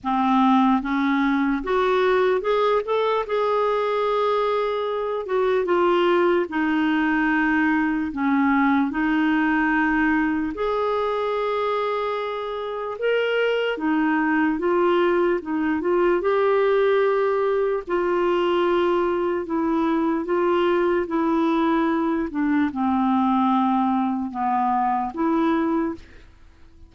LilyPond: \new Staff \with { instrumentName = "clarinet" } { \time 4/4 \tempo 4 = 74 c'4 cis'4 fis'4 gis'8 a'8 | gis'2~ gis'8 fis'8 f'4 | dis'2 cis'4 dis'4~ | dis'4 gis'2. |
ais'4 dis'4 f'4 dis'8 f'8 | g'2 f'2 | e'4 f'4 e'4. d'8 | c'2 b4 e'4 | }